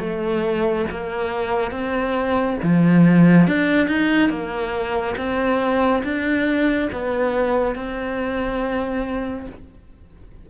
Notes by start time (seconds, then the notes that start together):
0.00 A3
0.91 A#3
1.71 C4
2.63 F3
3.48 D4
3.88 D#4
4.30 A#3
5.17 C4
6.04 D4
6.93 B3
7.75 C4